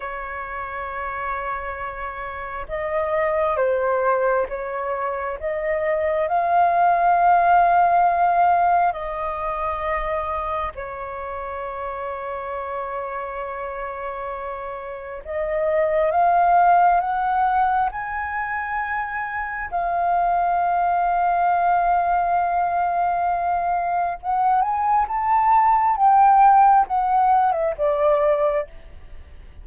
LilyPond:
\new Staff \with { instrumentName = "flute" } { \time 4/4 \tempo 4 = 67 cis''2. dis''4 | c''4 cis''4 dis''4 f''4~ | f''2 dis''2 | cis''1~ |
cis''4 dis''4 f''4 fis''4 | gis''2 f''2~ | f''2. fis''8 gis''8 | a''4 g''4 fis''8. e''16 d''4 | }